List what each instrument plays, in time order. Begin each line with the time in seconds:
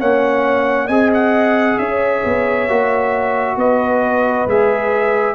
0.00 tuba A#3, trombone C#4, horn C#5, trumpet F#5
0.87 tuba C4, trombone G#4, horn D#5, trumpet G#5
1.14 trumpet F#5
1.79 tuba C#4, horn C#5, trumpet E5
2.25 tuba B3
2.69 tuba A#3, trombone F#4
3.57 tuba B3, horn B4, trumpet D#5
4.47 tuba G#3, trombone G#4, trumpet E5